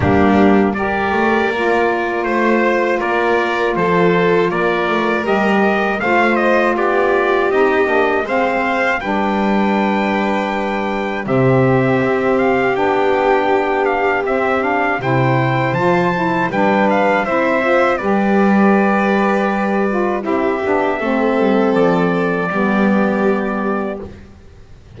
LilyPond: <<
  \new Staff \with { instrumentName = "trumpet" } { \time 4/4 \tempo 4 = 80 g'4 d''2 c''4 | d''4 c''4 d''4 dis''4 | f''8 dis''8 d''4 dis''4 f''4 | g''2. e''4~ |
e''8 f''8 g''4. f''8 e''8 f''8 | g''4 a''4 g''8 f''8 e''4 | d''2. e''4~ | e''4 d''2. | }
  \new Staff \with { instrumentName = "violin" } { \time 4/4 d'4 ais'2 c''4 | ais'4 a'4 ais'2 | c''4 g'2 c''4 | b'2. g'4~ |
g'1 | c''2 b'4 c''4 | b'2. g'4 | a'2 g'2 | }
  \new Staff \with { instrumentName = "saxophone" } { \time 4/4 ais4 g'4 f'2~ | f'2. g'4 | f'2 dis'8 d'8 c'4 | d'2. c'4~ |
c'4 d'2 c'8 d'8 | e'4 f'8 e'8 d'4 e'8 f'8 | g'2~ g'8 f'8 e'8 d'8 | c'2 b2 | }
  \new Staff \with { instrumentName = "double bass" } { \time 4/4 g4. a8 ais4 a4 | ais4 f4 ais8 a8 g4 | a4 b4 c'8 ais8 gis4 | g2. c4 |
c'4 b2 c'4 | c4 f4 g4 c'4 | g2. c'8 b8 | a8 g8 f4 g2 | }
>>